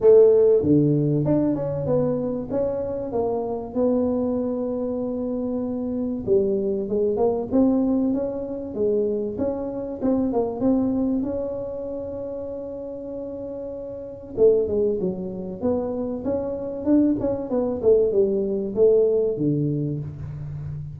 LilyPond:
\new Staff \with { instrumentName = "tuba" } { \time 4/4 \tempo 4 = 96 a4 d4 d'8 cis'8 b4 | cis'4 ais4 b2~ | b2 g4 gis8 ais8 | c'4 cis'4 gis4 cis'4 |
c'8 ais8 c'4 cis'2~ | cis'2. a8 gis8 | fis4 b4 cis'4 d'8 cis'8 | b8 a8 g4 a4 d4 | }